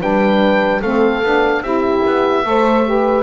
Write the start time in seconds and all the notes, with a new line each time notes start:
0.00 G3 D4 B4 G5
0.81 A3 C4 A4 F5
1.22 B3 D4
1.61 C4 E4 G4 E5
2.06 B3
2.43 A3 A4 C5
2.85 G4 B4